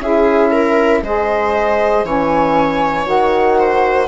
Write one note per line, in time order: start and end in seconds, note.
0.00 1.02 C#4
0.00 1.03 E4
0.00 0.51 G#4
0.00 1.03 E5
0.51 1.02 A#4
1.02 2.04 G#3
1.02 2.05 G#4
1.02 2.06 C5
1.02 2.05 D#5
2.04 3.06 E3
2.04 3.04 C#4
2.04 3.58 C#5
2.04 3.07 G#5
3.04 4.08 D#3
3.04 4.06 F#4
3.04 4.08 F#5
3.58 4.08 C5